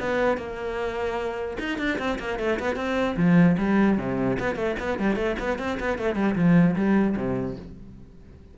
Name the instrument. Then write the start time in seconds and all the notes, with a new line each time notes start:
cello
0.00 B3
0.37 A#3
1.59 D#4
1.78 D4
1.99 C4
2.19 A#3
2.39 A3
2.59 B3
2.76 C4
3.17 F3
3.58 G3
3.98 C3
4.39 B3
4.55 A3
4.79 B3
4.99 G3
5.16 A3
5.39 B3
5.59 C4
5.80 B3
5.99 A3
6.15 G3
6.35 F3
6.76 G3
7.17 C3